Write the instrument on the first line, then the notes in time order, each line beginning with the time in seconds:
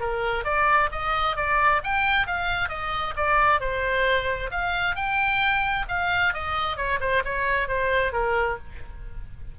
oboe
0.00 A#4
0.45 D5
0.92 D#5
1.37 D5
1.84 G5
2.27 F5
2.69 D#5
3.17 D5
3.60 C5
4.51 F5
4.96 G5
5.89 F5
6.34 D#5
6.77 C#5
7.00 C5
7.25 C#5
7.68 C5
8.13 A#4